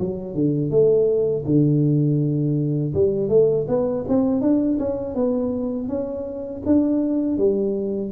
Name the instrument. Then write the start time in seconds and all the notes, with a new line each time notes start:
tuba
0.00 F#3
0.35 D3
0.71 A3
1.46 D3
2.95 G3
3.29 A3
3.68 B3
4.09 C4
4.42 D4
4.79 C#4
5.15 B3
5.89 C#4
6.66 D4
7.38 G3